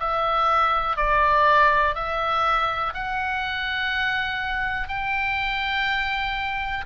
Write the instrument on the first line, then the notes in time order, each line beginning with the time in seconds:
oboe
0.00 E5
0.97 D5
1.95 E5
2.94 F#5
4.88 G5